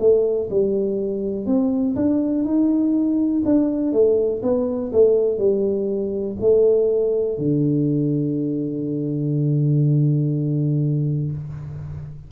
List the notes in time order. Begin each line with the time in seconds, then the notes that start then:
0.00 A3
0.50 G3
1.46 C4
1.96 D4
2.45 D#4
3.46 D4
3.93 A3
4.43 B3
4.93 A3
5.38 G3
6.41 A3
7.39 D3